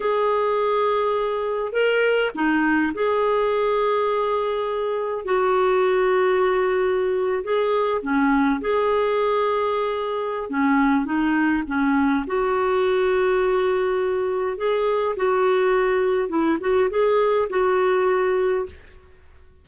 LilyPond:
\new Staff \with { instrumentName = "clarinet" } { \time 4/4 \tempo 4 = 103 gis'2. ais'4 | dis'4 gis'2.~ | gis'4 fis'2.~ | fis'8. gis'4 cis'4 gis'4~ gis'16~ |
gis'2 cis'4 dis'4 | cis'4 fis'2.~ | fis'4 gis'4 fis'2 | e'8 fis'8 gis'4 fis'2 | }